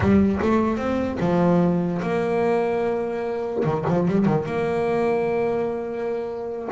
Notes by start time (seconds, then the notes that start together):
0.00 G3
0.42 A3
0.77 C4
1.20 F3
2.02 A#3
3.64 D#3
3.88 F3
4.07 G3
4.25 D#3
4.45 A#3